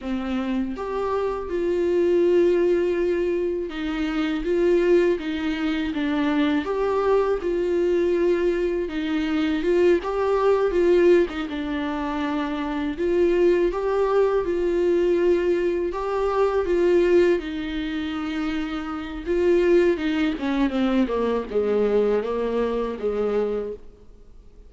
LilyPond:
\new Staff \with { instrumentName = "viola" } { \time 4/4 \tempo 4 = 81 c'4 g'4 f'2~ | f'4 dis'4 f'4 dis'4 | d'4 g'4 f'2 | dis'4 f'8 g'4 f'8. dis'16 d'8~ |
d'4. f'4 g'4 f'8~ | f'4. g'4 f'4 dis'8~ | dis'2 f'4 dis'8 cis'8 | c'8 ais8 gis4 ais4 gis4 | }